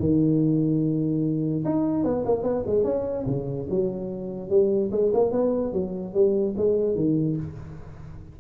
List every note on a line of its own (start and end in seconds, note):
0.00 1.64 D#3
1.65 2.04 D#4
2.04 2.25 B3
2.26 2.44 A#3
2.44 2.64 B3
2.67 2.84 G#3
2.84 3.26 C#4
3.27 3.68 C#3
3.70 4.50 F#3
4.50 4.91 G3
4.92 5.13 G#3
5.14 5.32 A#3
5.32 5.73 B3
5.73 6.14 F#3
6.14 6.55 G3
6.58 6.96 G#3
6.96 7.37 D#3